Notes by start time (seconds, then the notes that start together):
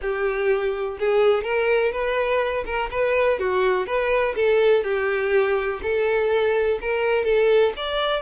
0.01 G4
0.99 G#4
1.43 A#4
1.92 B4
2.65 A#4
2.90 B4
3.39 F#4
3.86 B4
4.35 A4
4.83 G4
5.82 A4
6.81 A#4
7.24 A4
7.76 D5